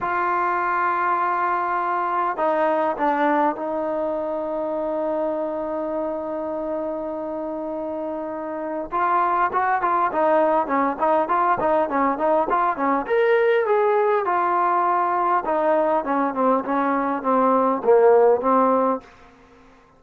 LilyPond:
\new Staff \with { instrumentName = "trombone" } { \time 4/4 \tempo 4 = 101 f'1 | dis'4 d'4 dis'2~ | dis'1~ | dis'2. f'4 |
fis'8 f'8 dis'4 cis'8 dis'8 f'8 dis'8 | cis'8 dis'8 f'8 cis'8 ais'4 gis'4 | f'2 dis'4 cis'8 c'8 | cis'4 c'4 ais4 c'4 | }